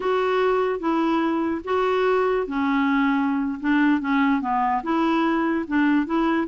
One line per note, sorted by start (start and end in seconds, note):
0.00 0.79 F#4
0.79 1.61 E4
1.64 2.46 F#4
2.46 3.59 C#4
3.60 4.01 D4
4.01 4.41 C#4
4.41 4.82 B3
4.83 5.65 E4
5.67 6.06 D4
6.06 6.47 E4